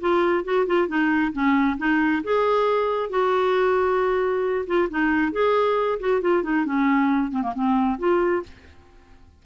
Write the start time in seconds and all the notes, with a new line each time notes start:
0.00 F4
0.44 F#4
0.66 F4
0.88 D#4
1.32 C#4
1.78 D#4
2.24 G#4
3.09 F#4
4.66 F4
4.89 D#4
5.32 G#4
6.00 F#4
6.21 F4
6.43 D#4
6.65 C#4
7.31 C4
7.42 A#3
7.54 C4
7.98 F4